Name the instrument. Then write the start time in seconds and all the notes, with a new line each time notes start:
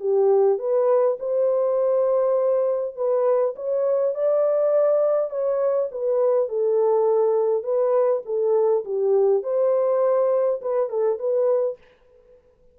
horn
0.00 G4
0.59 B4
1.20 C5
2.96 B4
3.56 C#5
4.15 D5
5.30 C#5
5.92 B4
6.49 A4
7.64 B4
8.26 A4
8.85 G4
9.43 C5
10.62 B4
10.90 A4
11.19 B4